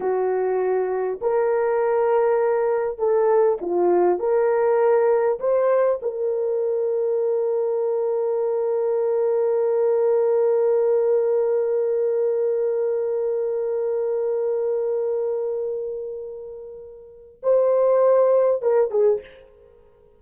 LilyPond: \new Staff \with { instrumentName = "horn" } { \time 4/4 \tempo 4 = 100 fis'2 ais'2~ | ais'4 a'4 f'4 ais'4~ | ais'4 c''4 ais'2~ | ais'1~ |
ais'1~ | ais'1~ | ais'1~ | ais'4 c''2 ais'8 gis'8 | }